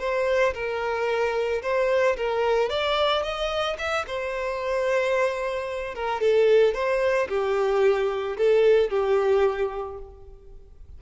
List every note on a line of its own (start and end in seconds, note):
0.00 0.54 C5
0.54 1.62 A#4
1.63 2.17 C5
2.17 2.70 A#4
2.70 3.23 D5
3.23 3.77 D#5
3.79 4.06 E5
4.08 5.95 C5
5.95 6.21 A#4
6.21 6.74 A4
6.74 7.29 C5
7.29 8.37 G4
8.37 8.90 A4
8.90 9.99 G4